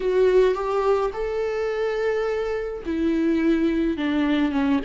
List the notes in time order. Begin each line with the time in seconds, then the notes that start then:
0.00 F#4
0.54 G4
1.13 A4
2.85 E4
3.97 D4
4.51 C#4